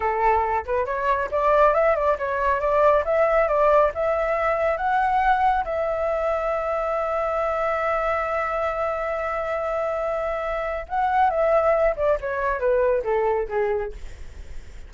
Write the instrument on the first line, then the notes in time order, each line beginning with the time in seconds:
flute
0.00 A4
0.65 B4
0.85 C#5
1.31 D5
1.74 E5
1.95 D5
2.18 C#5
2.60 D5
3.04 E5
3.48 D5
3.94 E5
4.77 F#5
5.64 E5
10.88 F#5
11.30 E5
11.96 D5
12.20 C#5
12.59 B4
13.04 A4
13.48 G#4